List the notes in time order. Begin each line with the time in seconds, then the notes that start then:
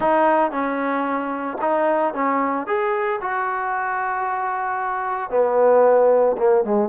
0.00 D#4
0.51 C#4
1.61 D#4
2.14 C#4
2.66 G#4
3.21 F#4
5.30 B3
6.37 A#3
6.64 G#3